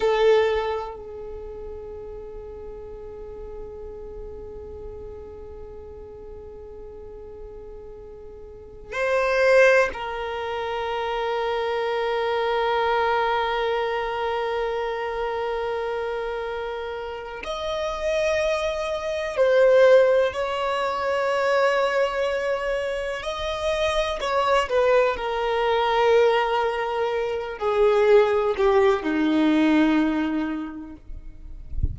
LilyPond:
\new Staff \with { instrumentName = "violin" } { \time 4/4 \tempo 4 = 62 a'4 gis'2.~ | gis'1~ | gis'4~ gis'16 c''4 ais'4.~ ais'16~ | ais'1~ |
ais'2 dis''2 | c''4 cis''2. | dis''4 cis''8 b'8 ais'2~ | ais'8 gis'4 g'8 dis'2 | }